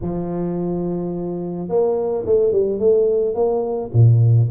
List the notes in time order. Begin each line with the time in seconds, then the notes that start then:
0.01 F3
1.68 A#3
2.26 A3
2.52 G3
2.79 A3
3.34 A#3
3.93 A#2